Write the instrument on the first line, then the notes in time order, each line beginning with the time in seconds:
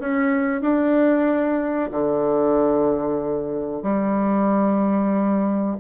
bassoon
0.00 C#4
0.62 D4
1.91 D3
3.83 G3